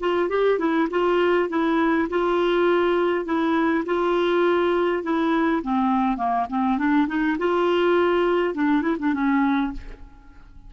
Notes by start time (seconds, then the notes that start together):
0.00 F4
0.29 G4
0.59 E4
0.91 F4
1.49 E4
2.10 F4
3.25 E4
3.86 F4
5.03 E4
5.63 C4
6.17 A#3
6.50 C4
6.78 D4
7.08 D#4
7.39 F4
8.55 D4
8.82 E4
8.99 D4
9.14 C#4